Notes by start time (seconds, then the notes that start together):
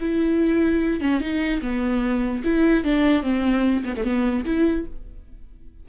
0.00 E4
1.01 C#4
1.21 D#4
1.62 B3
2.44 E4
2.84 D4
3.23 C4
3.84 B3
3.97 A3
4.04 B3
4.45 E4